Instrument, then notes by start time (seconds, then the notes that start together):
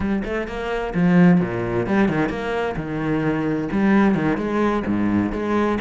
cello
0.00 G3
0.24 A3
0.47 A#3
0.94 F3
1.40 A#2
1.86 G3
2.08 D#3
2.29 A#3
2.76 D#3
3.72 G3
4.14 D#3
4.37 G#3
4.86 G#2
5.32 G#3